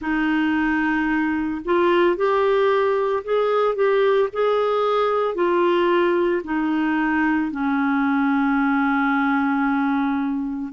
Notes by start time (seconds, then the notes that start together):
0.00 D#4
1.65 F4
2.16 G4
3.23 G#4
3.75 G4
4.32 G#4
5.34 F4
6.43 D#4
7.51 C#4